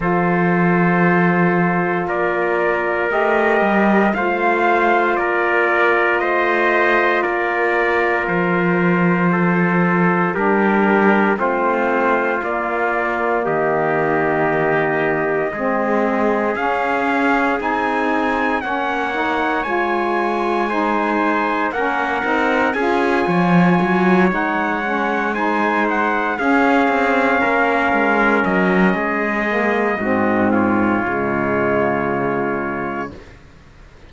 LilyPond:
<<
  \new Staff \with { instrumentName = "trumpet" } { \time 4/4 \tempo 4 = 58 c''2 d''4 dis''4 | f''4 d''4 dis''4 d''4 | c''2 ais'4 c''4 | d''4 dis''2. |
f''4 gis''4 fis''4 gis''4~ | gis''4 fis''4 gis''4. fis''8~ | fis''8 gis''8 fis''8 f''2 dis''8~ | dis''4. cis''2~ cis''8 | }
  \new Staff \with { instrumentName = "trumpet" } { \time 4/4 a'2 ais'2 | c''4 ais'4 c''4 ais'4~ | ais'4 a'4 g'4 f'4~ | f'4 g'2 gis'4~ |
gis'2 cis''2 | c''4 ais'4 gis'8 cis''4.~ | cis''8 c''4 gis'4 ais'4. | gis'4 fis'8 f'2~ f'8 | }
  \new Staff \with { instrumentName = "saxophone" } { \time 4/4 f'2. g'4 | f'1~ | f'2 d'4 c'4 | ais2. c'4 |
cis'4 dis'4 cis'8 dis'8 f'4 | dis'4 cis'8 dis'8 f'4. dis'8 | cis'8 dis'4 cis'2~ cis'8~ | cis'8 ais8 c'4 gis2 | }
  \new Staff \with { instrumentName = "cello" } { \time 4/4 f2 ais4 a8 g8 | a4 ais4 a4 ais4 | f2 g4 a4 | ais4 dis2 gis4 |
cis'4 c'4 ais4 gis4~ | gis4 ais8 c'8 cis'8 f8 fis8 gis8~ | gis4. cis'8 c'8 ais8 gis8 fis8 | gis4 gis,4 cis2 | }
>>